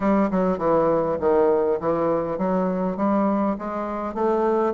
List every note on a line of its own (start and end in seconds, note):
0.00 0.30 G3
0.31 0.58 F#3
0.58 1.17 E3
1.19 1.79 D#3
1.80 2.38 E3
2.38 2.96 F#3
2.96 3.56 G3
3.58 4.14 G#3
4.14 4.73 A3